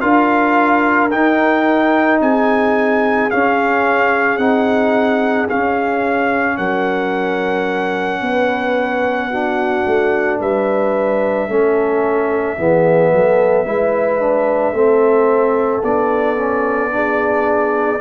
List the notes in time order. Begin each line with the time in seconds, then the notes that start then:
0.00 D4 F4 A#4 F5
1.11 D#4 G5
2.20 C4 G#4 G#5
3.30 C#4 F5
4.37 C4 D#4 F#5
5.49 C#4 F5
6.57 F#3 A#4 F#5
8.20 B3 B4
9.30 D4 F#4
9.86 A3
10.39 G3 B4 E5
11.47 A3 C#4 A4
12.57 E3 B3 G#4
13.12 F#3 A4
13.65 G#3 E4 B4
14.20 D4
14.72 A3 C4 A4
15.83 B3 D4 D5
16.36 C#4
16.90 D4 G#4